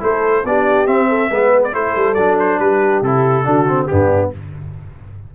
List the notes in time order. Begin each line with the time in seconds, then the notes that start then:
0.00 A3 E4 A4 C5
0.44 B3 D4 G4 D5
0.86 C4 E5
1.09 A4
1.30 G#3 B3 B4
1.63 D5
1.72 A3 E4 A4 C5
1.96 G3
2.14 F#3 D4 D5
2.39 C5
2.59 G3 G4 B4
3.02 C3 E4 A4
3.44 D3 D4 F#4
3.68 C4
3.87 G2 B3 D4 G4